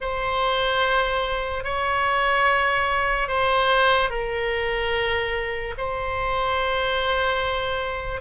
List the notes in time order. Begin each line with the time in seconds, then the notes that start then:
0.00 C5
1.64 C#5
3.28 C5
4.10 A#4
5.77 C5